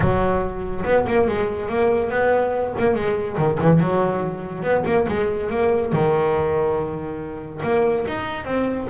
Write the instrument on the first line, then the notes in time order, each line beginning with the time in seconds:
double bass
0.00 F#3
0.85 B3
1.07 A#3
1.27 G#3
1.68 A#3
2.10 B3
2.78 A#3
2.94 G#3
3.37 D#3
3.60 E3
3.80 F#3
4.62 B3
4.85 A#3
5.08 G#3
5.49 A#3
5.92 D#3
7.63 A#3
8.07 D#4
8.44 C4